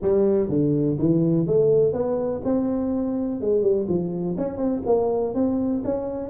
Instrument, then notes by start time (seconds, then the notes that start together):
tuba
0.02 G3
0.49 D3
0.98 E3
1.46 A3
1.92 B3
2.44 C4
3.40 G#3
3.62 G3
3.88 F3
4.37 C#4
4.57 C4
4.86 A#3
5.34 C4
5.84 C#4